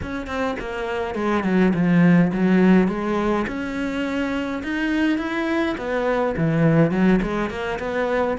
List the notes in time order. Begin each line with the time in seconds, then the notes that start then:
0.02 C#4
0.26 C4
0.59 A#3
1.14 G#3
1.43 F#3
1.74 F3
2.32 F#3
2.88 G#3
3.47 C#4
4.63 D#4
5.17 E4
5.77 B3
6.37 E3
6.91 F#3
7.22 G#3
7.50 A#3
7.79 B3